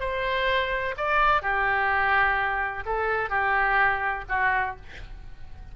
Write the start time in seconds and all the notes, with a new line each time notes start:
0.00 C5
0.97 D5
1.42 G4
2.85 A4
3.29 G4
4.29 F#4